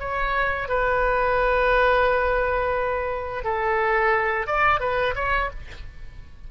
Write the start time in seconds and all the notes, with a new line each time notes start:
0.00 C#5
0.69 B4
3.44 A4
4.47 D5
4.80 B4
5.16 C#5